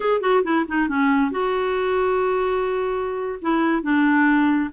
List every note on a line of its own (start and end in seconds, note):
0.00 0.21 G#4
0.21 0.42 F#4
0.43 0.65 E4
0.67 0.88 D#4
0.88 1.31 C#4
1.31 3.39 F#4
3.41 3.82 E4
3.82 4.70 D4